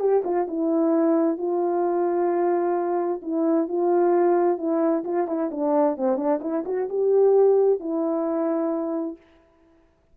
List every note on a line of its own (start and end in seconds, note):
0.00 0.23 G4
0.24 0.47 F4
0.48 1.38 E4
1.38 3.21 F4
3.22 3.68 E4
3.68 4.58 F4
4.58 5.04 E4
5.05 5.28 F4
5.28 5.50 E4
5.51 5.97 D4
5.97 6.17 C4
6.17 6.40 D4
6.41 6.64 E4
6.66 6.89 F#4
6.89 7.80 G4
7.80 9.17 E4